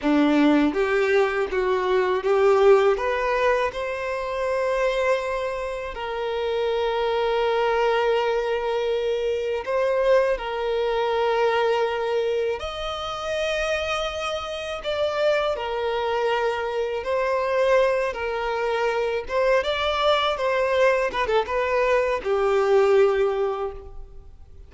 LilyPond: \new Staff \with { instrumentName = "violin" } { \time 4/4 \tempo 4 = 81 d'4 g'4 fis'4 g'4 | b'4 c''2. | ais'1~ | ais'4 c''4 ais'2~ |
ais'4 dis''2. | d''4 ais'2 c''4~ | c''8 ais'4. c''8 d''4 c''8~ | c''8 b'16 a'16 b'4 g'2 | }